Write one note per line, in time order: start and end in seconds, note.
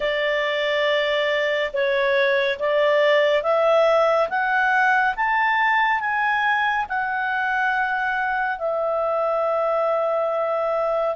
0.00 1.71 D5
1.73 2.58 C#5
2.59 3.42 D5
3.42 4.28 E5
4.29 5.14 F#5
5.15 6.00 A5
6.00 6.85 G#5
6.88 8.58 F#5
8.58 11.15 E5